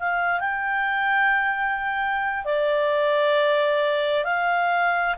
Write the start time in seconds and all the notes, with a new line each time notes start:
0.00 F5
0.40 G5
2.45 D5
4.25 F5